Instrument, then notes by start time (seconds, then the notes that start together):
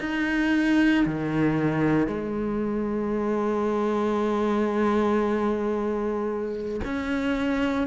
cello
0.00 D#4
1.06 D#3
2.07 G#3
6.85 C#4